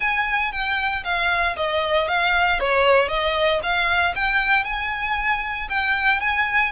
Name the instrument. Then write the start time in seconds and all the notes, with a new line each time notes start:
violin
0.00 G#5
0.51 G5
1.04 F5
1.56 D#5
2.08 F5
2.59 C#5
3.08 D#5
3.62 F5
4.15 G5
4.64 G#5
5.69 G5
6.20 G#5